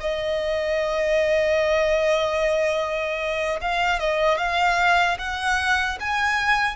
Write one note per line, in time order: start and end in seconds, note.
0.00 3.60 D#5
3.61 4.00 F5
4.00 4.37 D#5
4.37 5.17 F5
5.19 5.99 F#5
6.00 6.76 G#5